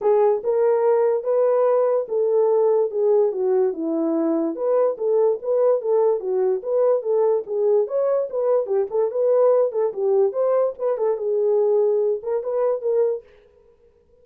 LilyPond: \new Staff \with { instrumentName = "horn" } { \time 4/4 \tempo 4 = 145 gis'4 ais'2 b'4~ | b'4 a'2 gis'4 | fis'4 e'2 b'4 | a'4 b'4 a'4 fis'4 |
b'4 a'4 gis'4 cis''4 | b'4 g'8 a'8 b'4. a'8 | g'4 c''4 b'8 a'8 gis'4~ | gis'4. ais'8 b'4 ais'4 | }